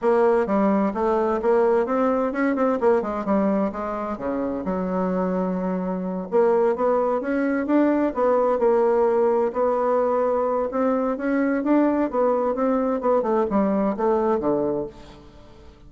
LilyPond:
\new Staff \with { instrumentName = "bassoon" } { \time 4/4 \tempo 4 = 129 ais4 g4 a4 ais4 | c'4 cis'8 c'8 ais8 gis8 g4 | gis4 cis4 fis2~ | fis4. ais4 b4 cis'8~ |
cis'8 d'4 b4 ais4.~ | ais8 b2~ b8 c'4 | cis'4 d'4 b4 c'4 | b8 a8 g4 a4 d4 | }